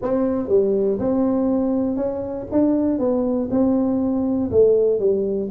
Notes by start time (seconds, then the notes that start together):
0.02 C4
0.48 G3
0.99 C4
1.96 C#4
2.51 D4
2.98 B3
3.50 C4
4.51 A3
4.99 G3